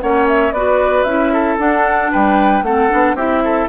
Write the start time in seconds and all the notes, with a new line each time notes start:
0.00 A#3 C#4 C#5 F#5
0.28 E5
0.51 B3 F#4 B4 D5
1.03 C#4 E4 E5
1.33 A4
1.58 D4 F#5
2.11 G3 B4 G5
2.62 A3 C4 A4 F#5
2.89 B3 D4
3.14 C4 E4 G4 E5
3.44 A4